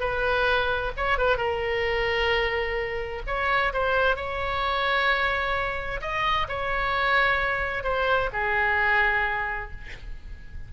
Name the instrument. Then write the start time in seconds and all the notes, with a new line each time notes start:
oboe
0.00 B4
0.97 C#5
1.18 B4
1.37 A#4
3.27 C#5
3.73 C5
4.16 C#5
6.01 D#5
6.48 C#5
7.84 C5
8.33 G#4